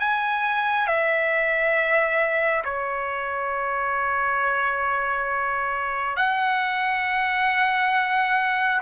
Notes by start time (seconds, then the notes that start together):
0.00 G#5
0.87 E5
2.65 C#5
6.17 F#5